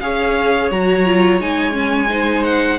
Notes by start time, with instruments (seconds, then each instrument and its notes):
0.00 cello C#4, viola G#4, violin C#5 F5
0.70 cello F#3, viola F#4, violin A#5
1.06 viola F4
1.40 cello G#3, viola D#4, violin G#5
1.71 viola C#4
2.09 viola D#4, violin C5
2.44 violin F#5